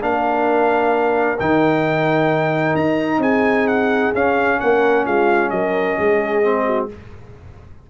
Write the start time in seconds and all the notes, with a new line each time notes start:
0.00 A#3 D4 A#4 F5
1.39 D#3 D#4 G5
2.75 D#4 A#5
3.18 C4 G#4 G#5
3.67 F#5
4.14 C#4 F5
4.60 A#3 A#4 F#5
5.05 G#3 F4 F5
5.50 F#3 A#4 D#5
5.98 G#3 G#4
6.43 C4
6.66 F#4